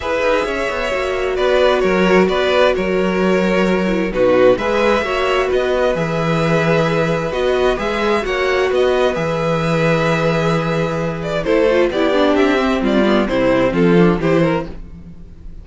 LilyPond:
<<
  \new Staff \with { instrumentName = "violin" } { \time 4/4 \tempo 4 = 131 e''2. d''4 | cis''4 d''4 cis''2~ | cis''4 b'4 e''2 | dis''4 e''2. |
dis''4 e''4 fis''4 dis''4 | e''1~ | e''8 d''8 c''4 d''4 e''4 | d''4 c''4 a'4 c''4 | }
  \new Staff \with { instrumentName = "violin" } { \time 4/4 b'4 cis''2 b'4 | ais'4 b'4 ais'2~ | ais'4 fis'4 b'4 cis''4 | b'1~ |
b'2 cis''4 b'4~ | b'1~ | b'4 a'4 g'2 | f'4 e'4 f'4 g'8 ais'8 | }
  \new Staff \with { instrumentName = "viola" } { \time 4/4 gis'2 fis'2~ | fis'1~ | fis'8 e'8 dis'4 gis'4 fis'4~ | fis'4 gis'2. |
fis'4 gis'4 fis'2 | gis'1~ | gis'4 e'8 f'8 e'8 d'4 c'8~ | c'8 b8 c'4. d'8 e'4 | }
  \new Staff \with { instrumentName = "cello" } { \time 4/4 e'8 dis'8 cis'8 b8 ais4 b4 | fis4 b4 fis2~ | fis4 b,4 gis4 ais4 | b4 e2. |
b4 gis4 ais4 b4 | e1~ | e4 a4 b4 c'4 | g4 c4 f4 e4 | }
>>